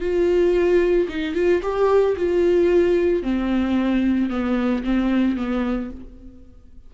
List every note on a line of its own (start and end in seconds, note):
0.00 1.07 F4
1.08 1.34 D#4
1.34 1.61 F4
1.62 2.16 G4
2.16 3.22 F4
3.22 4.29 C4
4.29 4.83 B3
4.83 5.36 C4
5.36 5.90 B3